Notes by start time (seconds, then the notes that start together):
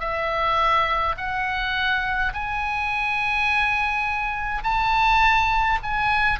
0.00 E5
1.18 F#5
2.34 G#5
4.64 A5
5.83 G#5